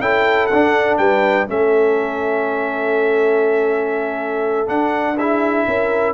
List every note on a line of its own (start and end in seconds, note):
0.00 0.49 C#4
0.00 0.50 E4
0.00 0.99 A4
0.00 0.47 G5
0.47 0.98 D4
0.47 0.96 F#5
0.54 1.47 D4
0.98 1.48 G3
0.98 1.48 B4
0.98 1.47 G5
1.47 4.68 A3
1.47 4.67 C#4
1.47 5.17 A4
1.47 4.68 E5
4.67 5.16 D4
4.67 5.66 D4
4.67 5.18 F#5
5.17 6.14 E4
5.17 5.66 G#4
5.17 6.14 E5
5.67 6.14 C#4
5.67 6.14 A#4